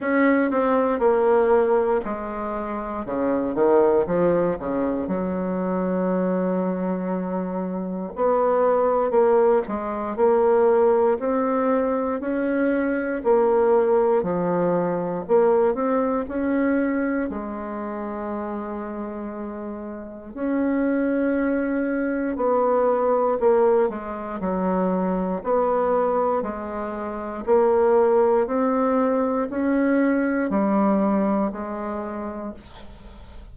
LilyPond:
\new Staff \with { instrumentName = "bassoon" } { \time 4/4 \tempo 4 = 59 cis'8 c'8 ais4 gis4 cis8 dis8 | f8 cis8 fis2. | b4 ais8 gis8 ais4 c'4 | cis'4 ais4 f4 ais8 c'8 |
cis'4 gis2. | cis'2 b4 ais8 gis8 | fis4 b4 gis4 ais4 | c'4 cis'4 g4 gis4 | }